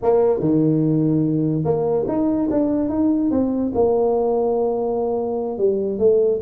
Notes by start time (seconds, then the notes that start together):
0.02 A#3
0.39 D#3
1.64 A#3
2.08 D#4
2.50 D4
2.89 D#4
3.30 C4
3.74 A#3
5.58 G3
5.98 A3